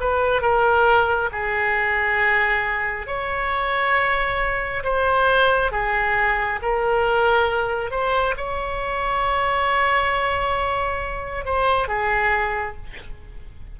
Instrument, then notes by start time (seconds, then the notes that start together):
oboe
0.00 B4
0.41 A#4
1.32 G#4
3.07 C#5
4.83 C5
5.72 G#4
6.62 A#4
7.91 C5
8.37 C#5
11.45 C5
11.88 G#4